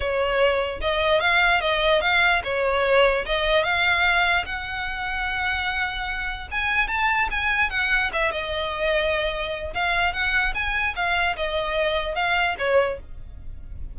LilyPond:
\new Staff \with { instrumentName = "violin" } { \time 4/4 \tempo 4 = 148 cis''2 dis''4 f''4 | dis''4 f''4 cis''2 | dis''4 f''2 fis''4~ | fis''1 |
gis''4 a''4 gis''4 fis''4 | e''8 dis''2.~ dis''8 | f''4 fis''4 gis''4 f''4 | dis''2 f''4 cis''4 | }